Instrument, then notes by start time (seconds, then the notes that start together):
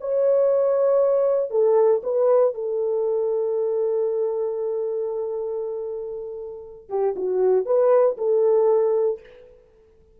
horn
0.00 C#5
1.50 A4
2.03 B4
2.54 A4
6.89 G4
7.16 F#4
7.65 B4
8.17 A4